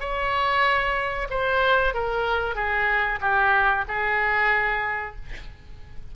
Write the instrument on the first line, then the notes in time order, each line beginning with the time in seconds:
oboe
0.00 C#5
1.30 C5
1.94 A#4
2.55 G#4
3.21 G4
3.88 G#4